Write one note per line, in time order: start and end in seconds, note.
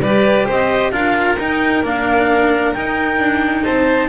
0.00 0.45 G3
0.00 0.92 G4
0.00 0.46 B4
0.00 0.47 D5
0.46 0.92 C4
0.46 0.92 C5
0.46 0.92 D#5
0.92 1.38 D4
0.92 1.37 F4
0.92 3.64 A#4
0.92 1.38 F5
1.39 1.84 D#4
1.39 1.85 G5
1.84 2.75 A#3
1.84 2.75 D4
1.84 2.74 F5
2.74 4.09 D#4
2.74 3.19 D#4
2.74 3.64 G5
3.19 3.65 D4
3.64 4.09 C4
3.64 4.09 C5
3.64 4.09 A5